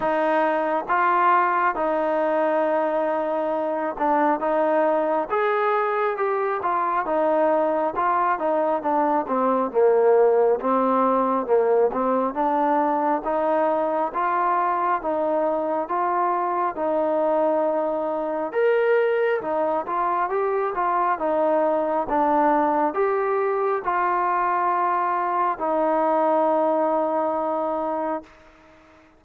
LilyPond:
\new Staff \with { instrumentName = "trombone" } { \time 4/4 \tempo 4 = 68 dis'4 f'4 dis'2~ | dis'8 d'8 dis'4 gis'4 g'8 f'8 | dis'4 f'8 dis'8 d'8 c'8 ais4 | c'4 ais8 c'8 d'4 dis'4 |
f'4 dis'4 f'4 dis'4~ | dis'4 ais'4 dis'8 f'8 g'8 f'8 | dis'4 d'4 g'4 f'4~ | f'4 dis'2. | }